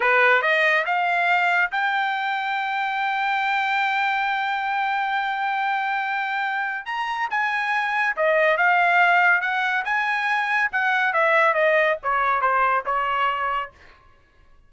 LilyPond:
\new Staff \with { instrumentName = "trumpet" } { \time 4/4 \tempo 4 = 140 b'4 dis''4 f''2 | g''1~ | g''1~ | g''1 |
ais''4 gis''2 dis''4 | f''2 fis''4 gis''4~ | gis''4 fis''4 e''4 dis''4 | cis''4 c''4 cis''2 | }